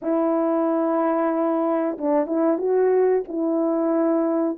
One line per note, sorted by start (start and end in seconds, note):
0.01 1.97 E4
1.97 2.26 D4
2.26 2.58 E4
2.58 3.23 F#4
3.28 4.58 E4